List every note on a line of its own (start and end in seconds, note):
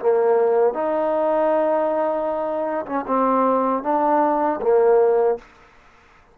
0.00 0.74 A#3
0.74 2.85 D#4
2.86 3.05 C#4
3.07 3.83 C4
3.83 4.60 D4
4.62 5.38 A#3